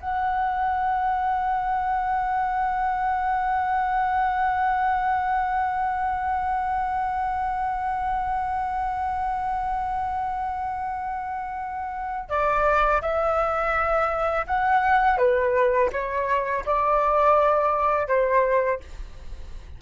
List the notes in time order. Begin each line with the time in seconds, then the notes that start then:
0.00 F#5
12.29 D5
13.01 E5
14.47 F#5
15.17 B4
15.92 C#5
16.66 D5
18.07 C5